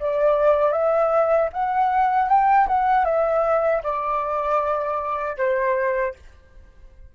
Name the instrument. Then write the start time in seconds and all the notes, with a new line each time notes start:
flute
0.00 D5
0.72 E5
1.53 F#5
2.29 G5
2.68 F#5
3.05 E5
3.84 D5
5.37 C5